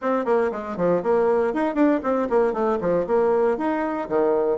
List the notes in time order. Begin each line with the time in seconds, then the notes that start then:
0.01 C4
0.25 A#3
0.51 G#3
0.77 F3
1.02 A#3
1.53 D#4
1.74 D4
2.03 C4
2.29 A#3
2.53 A3
2.80 F3
3.06 A#3
3.57 D#4
4.08 D#3